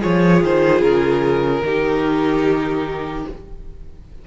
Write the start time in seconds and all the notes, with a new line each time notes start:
0.00 F3 F4 G#4 C#5
0.43 D#3 C5
0.81 C#3 A#4
1.63 D#3 D#4 G4